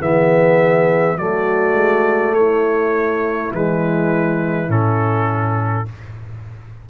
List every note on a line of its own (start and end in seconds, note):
0.00 1.17 E3
0.00 1.18 B3
0.00 1.18 G#4
0.00 1.18 E5
1.17 1.74 F#3
1.17 3.52 A3
1.17 2.36 F#4
1.17 2.35 D5
1.74 2.32 G#3
2.32 3.50 A3
2.32 5.90 E4
2.32 3.52 C#5
3.52 4.69 E3
3.52 4.69 G#3
3.52 4.71 B4
4.69 5.87 A2
4.69 5.86 C#4
4.69 5.88 A4